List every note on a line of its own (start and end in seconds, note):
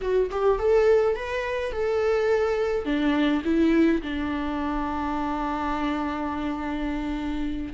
0.01 0.30 F#4
0.30 0.58 G4
0.58 1.15 A4
1.15 1.72 B4
1.72 2.85 A4
2.85 3.42 D4
3.44 4.01 E4
4.02 7.73 D4